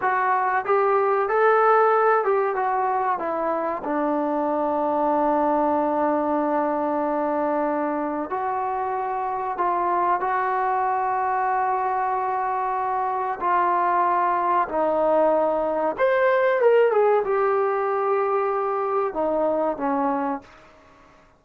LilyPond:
\new Staff \with { instrumentName = "trombone" } { \time 4/4 \tempo 4 = 94 fis'4 g'4 a'4. g'8 | fis'4 e'4 d'2~ | d'1~ | d'4 fis'2 f'4 |
fis'1~ | fis'4 f'2 dis'4~ | dis'4 c''4 ais'8 gis'8 g'4~ | g'2 dis'4 cis'4 | }